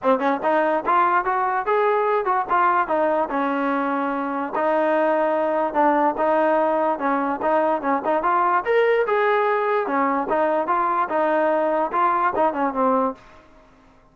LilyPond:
\new Staff \with { instrumentName = "trombone" } { \time 4/4 \tempo 4 = 146 c'8 cis'8 dis'4 f'4 fis'4 | gis'4. fis'8 f'4 dis'4 | cis'2. dis'4~ | dis'2 d'4 dis'4~ |
dis'4 cis'4 dis'4 cis'8 dis'8 | f'4 ais'4 gis'2 | cis'4 dis'4 f'4 dis'4~ | dis'4 f'4 dis'8 cis'8 c'4 | }